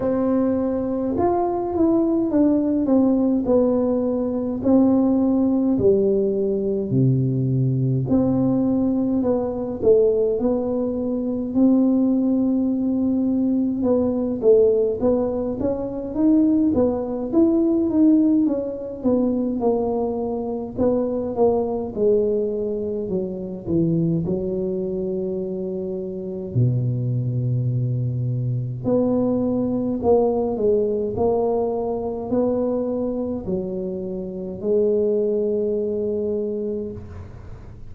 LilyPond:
\new Staff \with { instrumentName = "tuba" } { \time 4/4 \tempo 4 = 52 c'4 f'8 e'8 d'8 c'8 b4 | c'4 g4 c4 c'4 | b8 a8 b4 c'2 | b8 a8 b8 cis'8 dis'8 b8 e'8 dis'8 |
cis'8 b8 ais4 b8 ais8 gis4 | fis8 e8 fis2 b,4~ | b,4 b4 ais8 gis8 ais4 | b4 fis4 gis2 | }